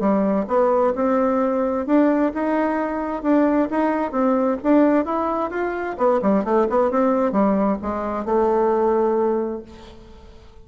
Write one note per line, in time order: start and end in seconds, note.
0.00 0.46 G3
0.48 0.93 B3
0.95 1.87 C4
1.87 2.32 D4
2.34 3.23 D#4
3.23 3.68 D4
3.70 4.12 D#4
4.12 4.57 C4
4.63 5.05 D4
5.05 5.51 E4
5.51 5.96 F4
5.98 6.21 B3
6.22 6.44 G3
6.44 6.67 A3
6.70 6.91 B3
6.91 7.32 C4
7.32 7.78 G3
7.82 8.25 G#3
8.25 9.63 A3